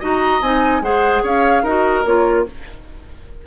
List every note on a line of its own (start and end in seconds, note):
0.00 0.42 D#4
0.00 0.42 F#4
0.00 0.82 D#5
0.00 0.42 A#5
0.42 0.81 C4
0.42 0.83 D#4
0.42 0.83 G#5
0.81 1.23 G#3
0.81 1.65 G#4
0.81 1.23 C5
0.81 1.24 F#5
1.23 1.63 C#4
1.23 1.63 C#5
1.23 1.67 F5
1.63 2.04 D#4
1.63 2.05 F#4
1.63 2.45 A#4
1.63 2.06 D#5
2.05 2.47 A#3
2.05 2.46 F4
2.05 2.47 C#5